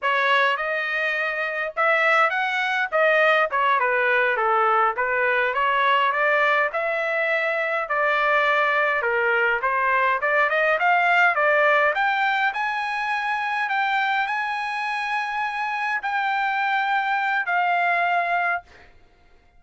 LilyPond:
\new Staff \with { instrumentName = "trumpet" } { \time 4/4 \tempo 4 = 103 cis''4 dis''2 e''4 | fis''4 dis''4 cis''8 b'4 a'8~ | a'8 b'4 cis''4 d''4 e''8~ | e''4. d''2 ais'8~ |
ais'8 c''4 d''8 dis''8 f''4 d''8~ | d''8 g''4 gis''2 g''8~ | g''8 gis''2. g''8~ | g''2 f''2 | }